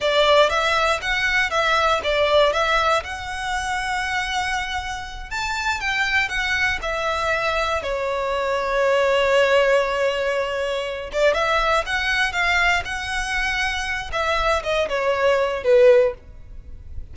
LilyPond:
\new Staff \with { instrumentName = "violin" } { \time 4/4 \tempo 4 = 119 d''4 e''4 fis''4 e''4 | d''4 e''4 fis''2~ | fis''2~ fis''8 a''4 g''8~ | g''8 fis''4 e''2 cis''8~ |
cis''1~ | cis''2 d''8 e''4 fis''8~ | fis''8 f''4 fis''2~ fis''8 | e''4 dis''8 cis''4. b'4 | }